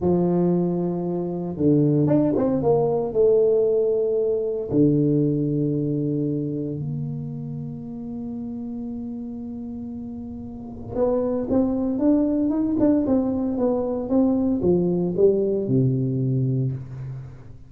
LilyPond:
\new Staff \with { instrumentName = "tuba" } { \time 4/4 \tempo 4 = 115 f2. d4 | d'8 c'8 ais4 a2~ | a4 d2.~ | d4 ais2.~ |
ais1~ | ais4 b4 c'4 d'4 | dis'8 d'8 c'4 b4 c'4 | f4 g4 c2 | }